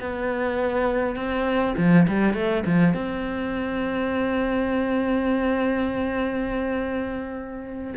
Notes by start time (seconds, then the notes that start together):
0.00 B3
1.16 C4
1.77 F3
2.08 G3
2.34 A3
2.66 F3
2.94 C4